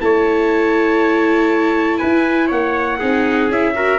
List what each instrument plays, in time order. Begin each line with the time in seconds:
0.00 tuba A3, viola E4, trumpet C#5 A5
1.98 tuba E4, trumpet B4 G#5
2.47 tuba A#3, trumpet C#5 F#5
2.99 tuba C4, viola D#4, trumpet G#4
3.49 tuba C#4, viola E4, trumpet E5
3.74 viola F#4, trumpet A#4